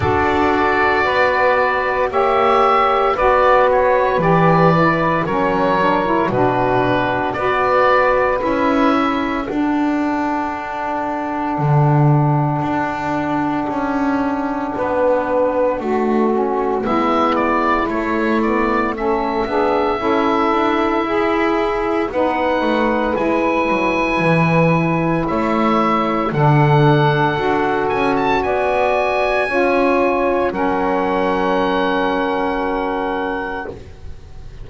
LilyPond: <<
  \new Staff \with { instrumentName = "oboe" } { \time 4/4 \tempo 4 = 57 d''2 e''4 d''8 cis''8 | d''4 cis''4 b'4 d''4 | e''4 fis''2.~ | fis''1 |
e''8 d''8 cis''8 d''8 e''2~ | e''4 fis''4 gis''2 | e''4 fis''4. gis''16 a''16 gis''4~ | gis''4 fis''2. | }
  \new Staff \with { instrumentName = "saxophone" } { \time 4/4 a'4 b'4 cis''4 b'4~ | b'4 ais'4 fis'4 b'4~ | b'8 a'2.~ a'8~ | a'2 b'4 fis'4 |
e'2 a'8 gis'8 a'4 | gis'4 b'2. | cis''4 a'2 d''4 | cis''4 ais'2. | }
  \new Staff \with { instrumentName = "saxophone" } { \time 4/4 fis'2 g'4 fis'4 | g'8 e'8 cis'8 d'16 e'16 d'4 fis'4 | e'4 d'2.~ | d'2.~ d'8 cis'8 |
b4 a8 b8 cis'8 d'8 e'4~ | e'4 dis'4 e'2~ | e'4 d'4 fis'2 | f'4 cis'2. | }
  \new Staff \with { instrumentName = "double bass" } { \time 4/4 d'4 b4 ais4 b4 | e4 fis4 b,4 b4 | cis'4 d'2 d4 | d'4 cis'4 b4 a4 |
gis4 a4. b8 cis'8 d'8 | e'4 b8 a8 gis8 fis8 e4 | a4 d4 d'8 cis'8 b4 | cis'4 fis2. | }
>>